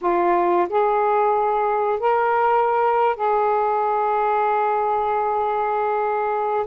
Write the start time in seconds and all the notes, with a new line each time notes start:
0.01 F4
0.68 G#4
1.99 A#4
3.15 G#4